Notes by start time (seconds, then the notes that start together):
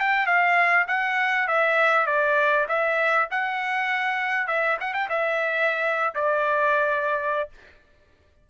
0.00 G5
0.26 F5
0.88 F#5
1.48 E5
2.06 D5
2.68 E5
3.31 F#5
4.47 E5
4.80 F#5
4.93 G5
5.09 E5
6.15 D5